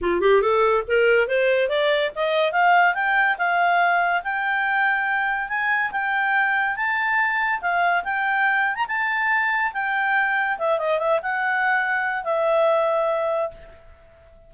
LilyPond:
\new Staff \with { instrumentName = "clarinet" } { \time 4/4 \tempo 4 = 142 f'8 g'8 a'4 ais'4 c''4 | d''4 dis''4 f''4 g''4 | f''2 g''2~ | g''4 gis''4 g''2 |
a''2 f''4 g''4~ | g''8. ais''16 a''2 g''4~ | g''4 e''8 dis''8 e''8 fis''4.~ | fis''4 e''2. | }